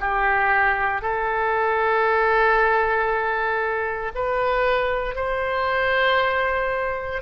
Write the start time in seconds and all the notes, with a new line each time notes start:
0.00 G4
1.02 A4
4.15 B4
5.15 C5